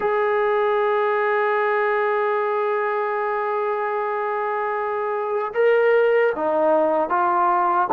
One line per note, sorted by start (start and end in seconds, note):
0.00 5.53 G#4
5.53 6.32 A#4
6.35 7.09 D#4
7.09 7.88 F4